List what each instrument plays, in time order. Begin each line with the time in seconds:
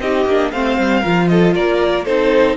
0.00 cello C4, viola D#4, violin G4 D#5
0.25 cello A#3, viola D4
0.51 cello A3, viola C4, violin C5 F5
0.78 cello G3
1.01 cello F3, viola F4, violin A#4
1.28 violin A4 D#5
1.54 cello A#3, violin A#4 D5
2.05 cello C4, viola D#4, violin A4 C5